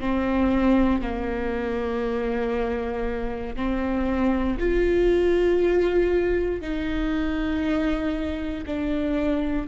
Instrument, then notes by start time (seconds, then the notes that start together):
viola
0.00 C4
1.01 A#3
3.55 C4
4.59 F4
6.61 D#4
8.66 D4